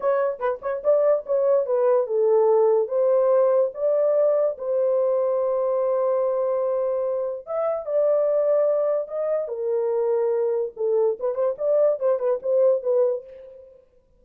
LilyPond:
\new Staff \with { instrumentName = "horn" } { \time 4/4 \tempo 4 = 145 cis''4 b'8 cis''8 d''4 cis''4 | b'4 a'2 c''4~ | c''4 d''2 c''4~ | c''1~ |
c''2 e''4 d''4~ | d''2 dis''4 ais'4~ | ais'2 a'4 b'8 c''8 | d''4 c''8 b'8 c''4 b'4 | }